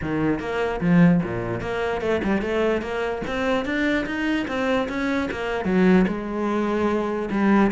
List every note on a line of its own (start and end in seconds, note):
0.01 0.39 D#3
0.39 0.80 A#3
0.80 1.21 F3
1.23 1.60 A#2
1.60 2.01 A#3
2.01 2.21 A3
2.23 2.41 G3
2.41 2.81 A3
2.81 3.22 A#3
3.27 3.65 C4
3.65 4.05 D4
4.06 4.46 D#4
4.47 4.88 C4
4.88 5.29 C#4
5.31 5.65 A#3
5.65 6.05 F#3
6.07 7.29 G#3
7.30 7.71 G3